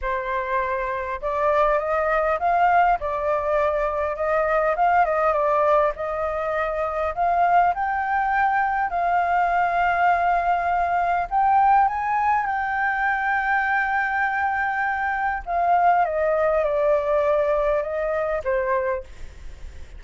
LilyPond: \new Staff \with { instrumentName = "flute" } { \time 4/4 \tempo 4 = 101 c''2 d''4 dis''4 | f''4 d''2 dis''4 | f''8 dis''8 d''4 dis''2 | f''4 g''2 f''4~ |
f''2. g''4 | gis''4 g''2.~ | g''2 f''4 dis''4 | d''2 dis''4 c''4 | }